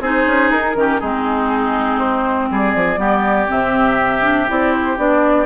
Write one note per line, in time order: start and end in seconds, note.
0.00 0.25 C4
0.00 0.75 D#4
0.00 0.76 G#4
0.00 0.51 C5
0.27 0.51 C#4
0.51 0.75 D#4
0.51 1.00 A#4
0.75 1.00 D#3
0.75 1.00 C#4
0.75 1.00 G4
1.00 2.51 G#3
1.00 2.97 C4
1.00 2.49 D#4
1.00 1.99 G#4
1.99 2.49 C5
2.51 2.75 G3
2.51 3.00 G#4
2.51 3.51 D5
2.75 2.98 F3
2.97 3.47 G3
2.97 3.47 B3
2.97 5.46 G4
3.47 4.49 C3
3.47 4.22 C4
3.47 4.50 E5
4.22 4.46 D4
4.48 4.97 C4
4.48 4.97 E4
4.48 4.73 D5
4.73 4.98 C5
4.97 5.46 B3
4.97 5.46 D4
4.97 5.46 D5